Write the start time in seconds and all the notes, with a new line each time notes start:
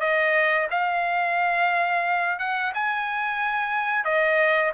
0.00 D#5
0.70 F5
2.39 F#5
2.74 G#5
4.04 D#5